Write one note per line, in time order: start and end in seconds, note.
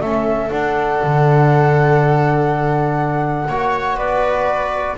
0.00 0.50 A3
0.00 0.50 C#4
0.00 3.48 A4
0.00 0.50 E5
0.50 3.47 D4
0.50 1.01 D4
0.50 3.97 F#5
1.03 3.48 D3
3.48 3.95 A#3
3.48 4.97 F#4
3.48 3.97 C#5
3.95 4.94 B3
3.95 4.96 B4
3.95 4.96 D5